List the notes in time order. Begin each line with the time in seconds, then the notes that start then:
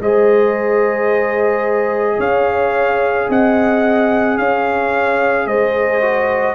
0.00 G#3 G#4 C5 D#5
2.17 C#4 C#5 F5
3.29 C4 D#5 F#5
4.38 C#4 C#5 F5
5.47 G#3 C5 D#5
6.02 F#4